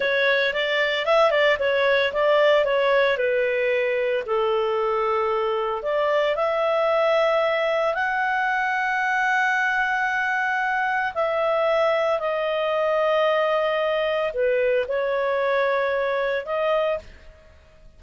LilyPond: \new Staff \with { instrumentName = "clarinet" } { \time 4/4 \tempo 4 = 113 cis''4 d''4 e''8 d''8 cis''4 | d''4 cis''4 b'2 | a'2. d''4 | e''2. fis''4~ |
fis''1~ | fis''4 e''2 dis''4~ | dis''2. b'4 | cis''2. dis''4 | }